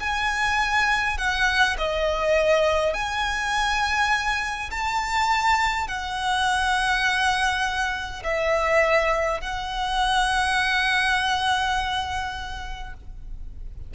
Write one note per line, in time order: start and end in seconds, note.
0.00 1.18 G#5
1.18 1.76 F#5
1.78 2.94 D#5
2.94 4.70 G#5
4.71 5.88 A5
5.88 8.23 F#5
8.24 9.41 E5
9.41 12.94 F#5